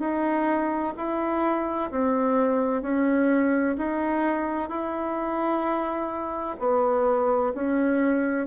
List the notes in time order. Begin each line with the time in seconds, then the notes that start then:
0.00 D#4
0.97 E4
1.91 C4
2.82 C#4
3.78 D#4
4.69 E4
6.59 B3
7.54 C#4